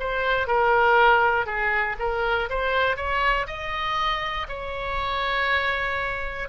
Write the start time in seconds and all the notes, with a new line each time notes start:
0.00 C5
0.47 A#4
1.46 G#4
2.00 A#4
2.50 C5
2.97 C#5
3.47 D#5
4.49 C#5